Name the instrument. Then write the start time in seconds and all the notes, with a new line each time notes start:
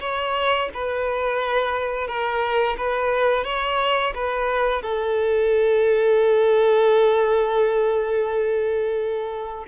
violin
0.00 C#5
0.73 B4
2.07 A#4
2.77 B4
3.44 C#5
4.14 B4
4.82 A4